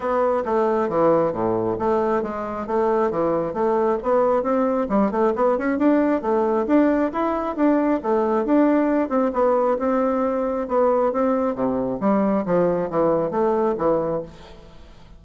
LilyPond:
\new Staff \with { instrumentName = "bassoon" } { \time 4/4 \tempo 4 = 135 b4 a4 e4 a,4 | a4 gis4 a4 e4 | a4 b4 c'4 g8 a8 | b8 cis'8 d'4 a4 d'4 |
e'4 d'4 a4 d'4~ | d'8 c'8 b4 c'2 | b4 c'4 c4 g4 | f4 e4 a4 e4 | }